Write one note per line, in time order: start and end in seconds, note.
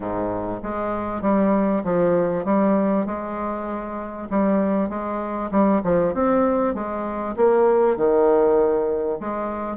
0.00 0.61 G#2
0.63 1.21 G#3
1.21 1.82 G3
1.84 2.45 F3
2.45 3.06 G3
3.06 4.28 G#3
4.30 4.89 G3
4.89 5.50 G#3
5.51 5.81 G3
5.83 6.14 F3
6.14 6.74 C4
6.74 7.35 G#3
7.36 7.96 A#3
7.96 9.19 D#3
9.19 9.77 G#3